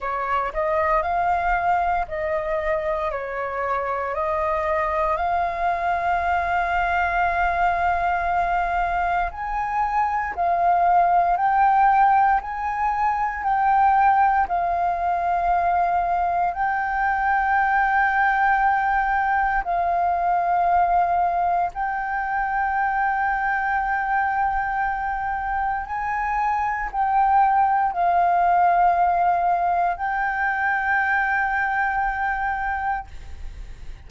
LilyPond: \new Staff \with { instrumentName = "flute" } { \time 4/4 \tempo 4 = 58 cis''8 dis''8 f''4 dis''4 cis''4 | dis''4 f''2.~ | f''4 gis''4 f''4 g''4 | gis''4 g''4 f''2 |
g''2. f''4~ | f''4 g''2.~ | g''4 gis''4 g''4 f''4~ | f''4 g''2. | }